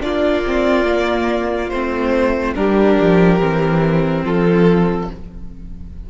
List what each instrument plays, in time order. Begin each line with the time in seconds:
0.00 cello A#3, viola D4, violin F4 D5
0.46 viola C4
0.85 viola A#3
1.69 cello A3, viola C4, violin C5
2.55 cello G3, viola D4, violin G4 A#4
2.99 cello F3
3.39 cello E3, viola C4
4.24 cello F3, violin F4 A4